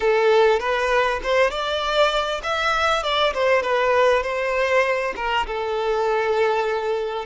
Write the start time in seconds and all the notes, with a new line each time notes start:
0.00 A4
0.59 B4
1.23 C5
1.50 D5
2.43 E5
3.03 D5
3.33 C5
3.62 B4
4.22 C5
5.15 A#4
5.46 A4